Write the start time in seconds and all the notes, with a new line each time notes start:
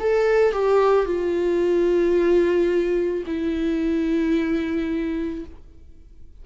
0.00 A4
0.53 G4
1.06 F4
3.27 E4